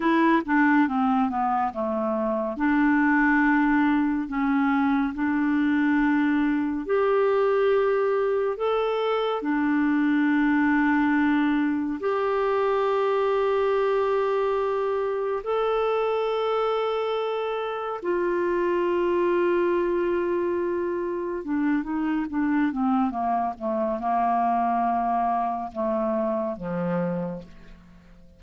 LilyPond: \new Staff \with { instrumentName = "clarinet" } { \time 4/4 \tempo 4 = 70 e'8 d'8 c'8 b8 a4 d'4~ | d'4 cis'4 d'2 | g'2 a'4 d'4~ | d'2 g'2~ |
g'2 a'2~ | a'4 f'2.~ | f'4 d'8 dis'8 d'8 c'8 ais8 a8 | ais2 a4 f4 | }